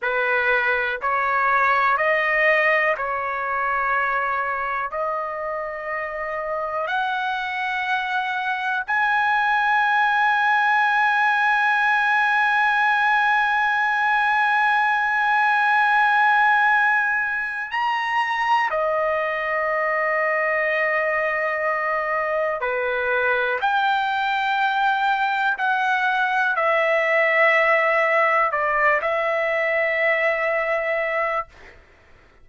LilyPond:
\new Staff \with { instrumentName = "trumpet" } { \time 4/4 \tempo 4 = 61 b'4 cis''4 dis''4 cis''4~ | cis''4 dis''2 fis''4~ | fis''4 gis''2.~ | gis''1~ |
gis''2 ais''4 dis''4~ | dis''2. b'4 | g''2 fis''4 e''4~ | e''4 d''8 e''2~ e''8 | }